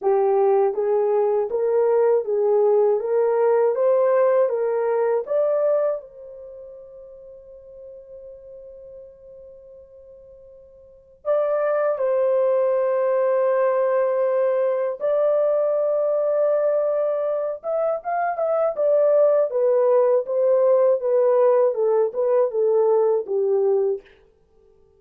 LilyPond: \new Staff \with { instrumentName = "horn" } { \time 4/4 \tempo 4 = 80 g'4 gis'4 ais'4 gis'4 | ais'4 c''4 ais'4 d''4 | c''1~ | c''2. d''4 |
c''1 | d''2.~ d''8 e''8 | f''8 e''8 d''4 b'4 c''4 | b'4 a'8 b'8 a'4 g'4 | }